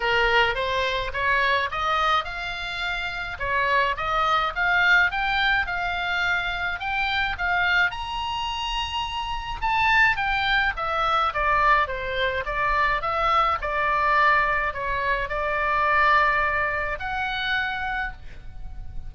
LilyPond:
\new Staff \with { instrumentName = "oboe" } { \time 4/4 \tempo 4 = 106 ais'4 c''4 cis''4 dis''4 | f''2 cis''4 dis''4 | f''4 g''4 f''2 | g''4 f''4 ais''2~ |
ais''4 a''4 g''4 e''4 | d''4 c''4 d''4 e''4 | d''2 cis''4 d''4~ | d''2 fis''2 | }